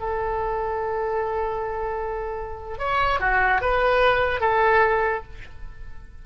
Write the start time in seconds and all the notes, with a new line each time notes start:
0.00 A4
2.79 C#5
3.20 F#4
3.62 B4
4.41 A4